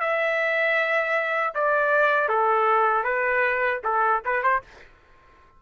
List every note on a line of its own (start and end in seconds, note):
0.00 1.54 E5
1.55 2.28 D5
2.28 3.03 A4
3.03 3.80 B4
3.84 4.22 A4
4.25 4.43 B4
4.43 4.62 C5